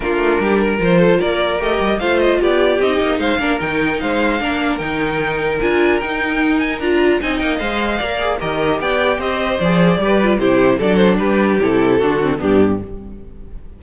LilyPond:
<<
  \new Staff \with { instrumentName = "violin" } { \time 4/4 \tempo 4 = 150 ais'2 c''4 d''4 | dis''4 f''8 dis''8 d''4 dis''4 | f''4 g''4 f''2 | g''2 gis''4 g''4~ |
g''8 gis''8 ais''4 gis''8 g''8 f''4~ | f''4 dis''4 g''4 dis''4 | d''2 c''4 d''8 c''8 | b'4 a'2 g'4 | }
  \new Staff \with { instrumentName = "violin" } { \time 4/4 f'4 g'8 ais'4 a'8 ais'4~ | ais'4 c''4 g'2 | c''8 ais'4. c''4 ais'4~ | ais'1~ |
ais'2 dis''2 | d''4 ais'4 d''4 c''4~ | c''4 b'4 g'4 a'4 | g'2 fis'4 d'4 | }
  \new Staff \with { instrumentName = "viola" } { \time 4/4 d'2 f'2 | g'4 f'2 dis'4~ | dis'8 d'8 dis'2 d'4 | dis'2 f'4 dis'4~ |
dis'4 f'4 dis'4 c''4 | ais'8 gis'8 g'2. | gis'4 g'8 f'8 e'4 d'4~ | d'4 e'4 d'8 c'8 b4 | }
  \new Staff \with { instrumentName = "cello" } { \time 4/4 ais8 a8 g4 f4 ais4 | a8 g8 a4 b4 c'8 ais8 | gis8 ais8 dis4 gis4 ais4 | dis2 d'4 dis'4~ |
dis'4 d'4 c'8 ais8 gis4 | ais4 dis4 b4 c'4 | f4 g4 c4 fis4 | g4 c4 d4 g,4 | }
>>